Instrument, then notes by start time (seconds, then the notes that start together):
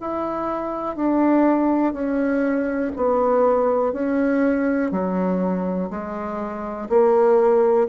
bassoon
0.00 E4
0.96 D4
1.93 C#4
2.96 B3
3.93 C#4
4.91 F#3
5.90 G#3
6.89 A#3